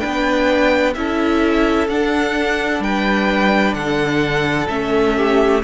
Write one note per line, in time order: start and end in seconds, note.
0.00 0.96 B3
0.00 0.94 D4
0.00 0.94 B4
0.00 0.94 G5
0.94 1.88 C#4
0.94 1.90 E4
0.94 2.83 A4
0.94 1.88 E5
1.88 2.80 D4
1.88 4.69 D4
1.88 2.83 F#5
2.80 3.74 G3
2.80 3.77 B4
2.80 3.74 G5
3.74 4.68 D3
3.74 5.17 A4
3.74 4.68 F#5
4.69 5.63 A3
4.69 5.62 C#4
4.69 5.62 E5
5.17 5.64 G4